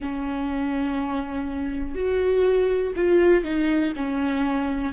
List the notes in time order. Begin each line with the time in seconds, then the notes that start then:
0.00 C#4
1.94 F#4
2.96 F4
3.43 D#4
3.96 C#4